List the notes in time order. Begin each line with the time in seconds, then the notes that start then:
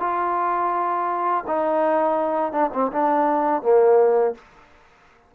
0.00 F4
1.48 D#4
2.53 D4
2.74 C4
2.92 D4
3.63 A#3